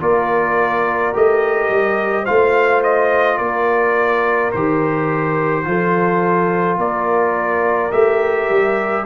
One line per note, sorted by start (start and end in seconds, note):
0.00 1.14 A#3
0.00 1.14 F4
0.00 2.24 A#4
0.00 1.16 D5
1.14 1.70 A3
1.14 2.26 G4
1.14 2.26 D#5
1.70 2.27 G3
2.24 3.40 A3
2.24 4.53 F4
2.24 3.37 C5
2.24 2.82 F5
2.83 3.38 D#5
3.38 4.53 A#3
3.38 5.65 A#4
3.38 4.51 D5
4.52 5.67 D#3
4.52 5.65 G4
4.52 6.79 C5
5.65 6.78 F3
5.65 7.91 F4
5.65 6.79 A4
6.78 7.92 A#3
6.78 9.06 A#4
6.78 7.92 D5
7.92 8.50 A3
7.92 9.06 G4
7.92 9.06 E5
8.50 9.06 G3